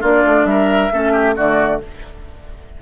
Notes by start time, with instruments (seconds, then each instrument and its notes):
0.00 bassoon A#3, clarinet D4, oboe F4, flute D5
0.24 bassoon A3
0.44 bassoon G3, oboe A#4, flute E5
0.91 bassoon A3, clarinet C#4, oboe A4
1.12 oboe G4
1.35 bassoon D3, clarinet A3, oboe F#4, flute D5